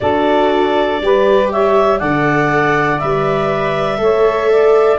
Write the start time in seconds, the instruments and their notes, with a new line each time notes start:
0.00 tuba D4, viola F#4, saxophone A4, clarinet D5
1.00 tuba G3, viola G4, saxophone B4
1.51 saxophone C#5, clarinet E5
1.98 tuba D3, viola A4, saxophone D5, clarinet F#5
2.99 tuba G3, viola B4, clarinet E5
3.97 tuba A3, viola A4, saxophone C#5
4.50 saxophone D5